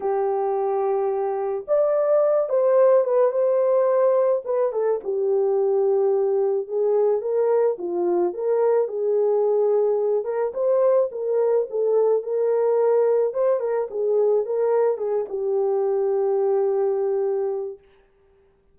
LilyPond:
\new Staff \with { instrumentName = "horn" } { \time 4/4 \tempo 4 = 108 g'2. d''4~ | d''8 c''4 b'8 c''2 | b'8 a'8 g'2. | gis'4 ais'4 f'4 ais'4 |
gis'2~ gis'8 ais'8 c''4 | ais'4 a'4 ais'2 | c''8 ais'8 gis'4 ais'4 gis'8 g'8~ | g'1 | }